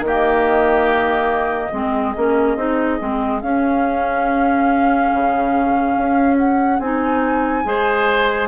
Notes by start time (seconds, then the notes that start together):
0.00 D#3 A#3
0.06 G4 D#5
1.72 G#3 C4 G#4
2.17 A#3 C#4
2.57 C4 D#4
2.99 G#3 C4
3.40 C#4 F5
5.13 C#3
5.97 C#4
6.38 F#5
6.80 C4 D#4 G#5
7.65 G#3 G#4 C5